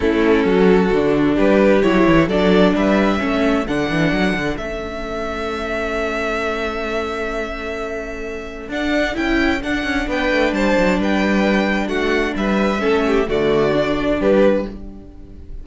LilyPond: <<
  \new Staff \with { instrumentName = "violin" } { \time 4/4 \tempo 4 = 131 a'2. b'4 | cis''4 d''4 e''2 | fis''2 e''2~ | e''1~ |
e''2. fis''4 | g''4 fis''4 g''4 a''4 | g''2 fis''4 e''4~ | e''4 d''2 b'4 | }
  \new Staff \with { instrumentName = "violin" } { \time 4/4 e'4 fis'2 g'4~ | g'4 a'4 b'4 a'4~ | a'1~ | a'1~ |
a'1~ | a'2 b'4 c''4 | b'2 fis'4 b'4 | a'8 g'8 fis'2 g'4 | }
  \new Staff \with { instrumentName = "viola" } { \time 4/4 cis'2 d'2 | e'4 d'2 cis'4 | d'2 cis'2~ | cis'1~ |
cis'2. d'4 | e'4 d'2.~ | d'1 | cis'4 a4 d'2 | }
  \new Staff \with { instrumentName = "cello" } { \time 4/4 a4 fis4 d4 g4 | fis8 e8 fis4 g4 a4 | d8 e8 fis8 d8 a2~ | a1~ |
a2. d'4 | cis'4 d'8 cis'8 b8 a8 g8 fis8 | g2 a4 g4 | a4 d2 g4 | }
>>